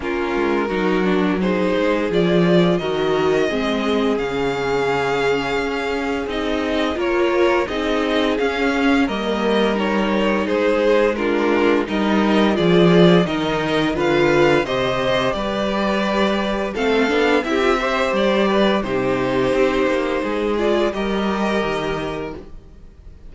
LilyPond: <<
  \new Staff \with { instrumentName = "violin" } { \time 4/4 \tempo 4 = 86 ais'2 c''4 d''4 | dis''2 f''2~ | f''4 dis''4 cis''4 dis''4 | f''4 dis''4 cis''4 c''4 |
ais'4 dis''4 d''4 dis''4 | f''4 dis''4 d''2 | f''4 e''4 d''4 c''4~ | c''4. d''8 dis''2 | }
  \new Staff \with { instrumentName = "violin" } { \time 4/4 f'4 fis'4 gis'2 | ais'4 gis'2.~ | gis'2 ais'4 gis'4~ | gis'4 ais'2 gis'4 |
f'4 ais'4 gis'4 ais'4 | b'4 c''4 b'2 | a'4 g'8 c''4 b'8 g'4~ | g'4 gis'4 ais'2 | }
  \new Staff \with { instrumentName = "viola" } { \time 4/4 cis'4 dis'8 d'8 dis'4 f'4 | fis'4 c'4 cis'2~ | cis'4 dis'4 f'4 dis'4 | cis'4 ais4 dis'2 |
d'4 dis'4 f'4 dis'4 | f'4 g'2. | c'8 d'8 e'16 f'16 g'4. dis'4~ | dis'4. f'8 g'2 | }
  \new Staff \with { instrumentName = "cello" } { \time 4/4 ais8 gis8 fis4. gis8 f4 | dis4 gis4 cis2 | cis'4 c'4 ais4 c'4 | cis'4 g2 gis4~ |
gis4 g4 f4 dis4 | d4 c4 g2 | a8 b8 c'4 g4 c4 | c'8 ais8 gis4 g4 dis4 | }
>>